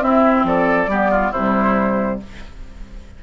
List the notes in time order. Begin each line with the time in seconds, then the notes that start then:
0.00 C4 E4 E5
0.43 F3 A4 D5
0.87 G3 B3 G4
1.11 F4
1.31 C3 G3 E4 C5